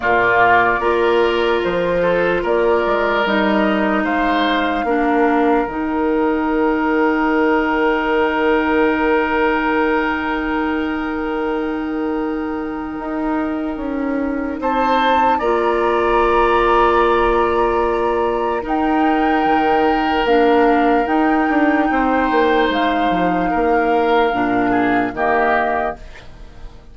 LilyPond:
<<
  \new Staff \with { instrumentName = "flute" } { \time 4/4 \tempo 4 = 74 d''2 c''4 d''4 | dis''4 f''2 g''4~ | g''1~ | g''1~ |
g''2 a''4 ais''4~ | ais''2. g''4~ | g''4 f''4 g''2 | f''2. dis''4 | }
  \new Staff \with { instrumentName = "oboe" } { \time 4/4 f'4 ais'4. a'8 ais'4~ | ais'4 c''4 ais'2~ | ais'1~ | ais'1~ |
ais'2 c''4 d''4~ | d''2. ais'4~ | ais'2. c''4~ | c''4 ais'4. gis'8 g'4 | }
  \new Staff \with { instrumentName = "clarinet" } { \time 4/4 ais4 f'2. | dis'2 d'4 dis'4~ | dis'1~ | dis'1~ |
dis'2. f'4~ | f'2. dis'4~ | dis'4 d'4 dis'2~ | dis'2 d'4 ais4 | }
  \new Staff \with { instrumentName = "bassoon" } { \time 4/4 ais,4 ais4 f4 ais8 gis8 | g4 gis4 ais4 dis4~ | dis1~ | dis1 |
dis'4 cis'4 c'4 ais4~ | ais2. dis'4 | dis4 ais4 dis'8 d'8 c'8 ais8 | gis8 f8 ais4 ais,4 dis4 | }
>>